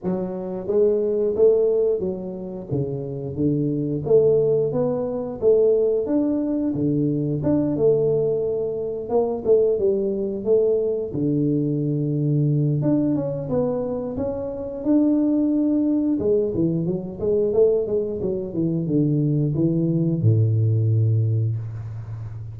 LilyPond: \new Staff \with { instrumentName = "tuba" } { \time 4/4 \tempo 4 = 89 fis4 gis4 a4 fis4 | cis4 d4 a4 b4 | a4 d'4 d4 d'8 a8~ | a4. ais8 a8 g4 a8~ |
a8 d2~ d8 d'8 cis'8 | b4 cis'4 d'2 | gis8 e8 fis8 gis8 a8 gis8 fis8 e8 | d4 e4 a,2 | }